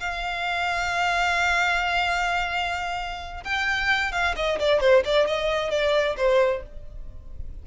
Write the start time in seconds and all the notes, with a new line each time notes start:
0.00 F5
3.44 G5
4.12 F5
4.36 D#5
4.59 D5
4.81 C5
5.05 D5
5.27 D#5
5.70 D5
6.17 C5